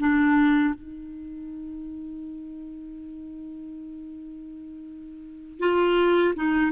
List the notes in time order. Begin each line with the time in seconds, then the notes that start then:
0.00 D4
0.74 D#4
5.59 F4
6.36 D#4